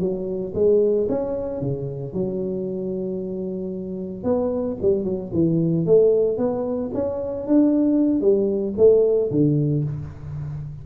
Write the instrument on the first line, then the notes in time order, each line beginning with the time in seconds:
tuba
0.00 F#3
0.55 G#3
1.09 C#4
1.61 C#3
2.14 F#3
4.24 B3
4.82 G3
5.05 F#3
5.33 E3
5.86 A3
6.38 B3
6.94 C#4
7.47 D4
8.21 G3
8.78 A3
9.31 D3